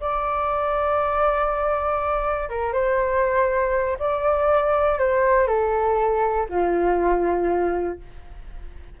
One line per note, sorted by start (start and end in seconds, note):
0.00 2.49 D5
2.49 2.72 A#4
2.72 3.97 C5
3.99 4.98 D5
4.98 5.47 C5
5.47 6.47 A4
6.49 7.99 F4